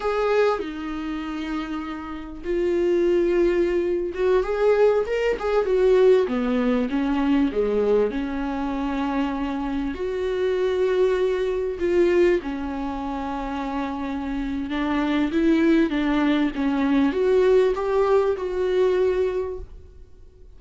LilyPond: \new Staff \with { instrumentName = "viola" } { \time 4/4 \tempo 4 = 98 gis'4 dis'2. | f'2~ f'8. fis'8 gis'8.~ | gis'16 ais'8 gis'8 fis'4 b4 cis'8.~ | cis'16 gis4 cis'2~ cis'8.~ |
cis'16 fis'2. f'8.~ | f'16 cis'2.~ cis'8. | d'4 e'4 d'4 cis'4 | fis'4 g'4 fis'2 | }